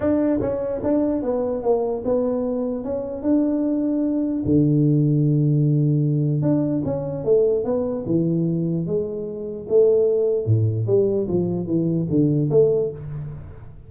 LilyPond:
\new Staff \with { instrumentName = "tuba" } { \time 4/4 \tempo 4 = 149 d'4 cis'4 d'4 b4 | ais4 b2 cis'4 | d'2. d4~ | d1 |
d'4 cis'4 a4 b4 | e2 gis2 | a2 a,4 g4 | f4 e4 d4 a4 | }